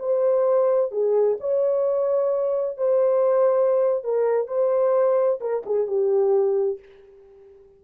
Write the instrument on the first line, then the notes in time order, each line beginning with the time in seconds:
horn
0.00 C5
0.92 G#4
1.41 C#5
2.78 C5
4.04 A#4
4.48 C5
5.41 A#4
5.66 G#4
5.87 G4